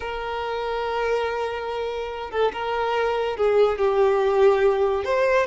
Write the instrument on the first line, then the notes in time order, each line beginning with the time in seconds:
violin
0.00 A#4
2.31 A4
2.52 A#4
3.36 G#4
3.78 G4
5.04 C5